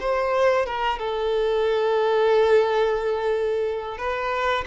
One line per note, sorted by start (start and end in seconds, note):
0.00 0.65 C5
0.65 0.98 A#4
0.99 3.97 A4
3.97 4.64 B4